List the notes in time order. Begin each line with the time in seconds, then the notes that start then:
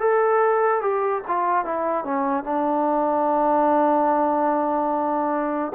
0.00 A4
0.81 G4
1.28 F4
1.66 E4
2.05 C#4
2.44 D4